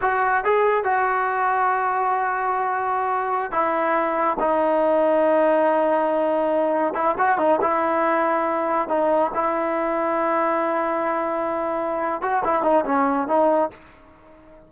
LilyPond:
\new Staff \with { instrumentName = "trombone" } { \time 4/4 \tempo 4 = 140 fis'4 gis'4 fis'2~ | fis'1~ | fis'16 e'2 dis'4.~ dis'16~ | dis'1~ |
dis'16 e'8 fis'8 dis'8 e'2~ e'16~ | e'8. dis'4 e'2~ e'16~ | e'1~ | e'8 fis'8 e'8 dis'8 cis'4 dis'4 | }